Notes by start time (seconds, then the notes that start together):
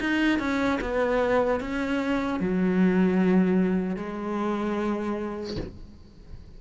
0.00 D#4
0.39 C#4
0.81 B3
1.60 C#4
2.40 F#3
3.96 G#3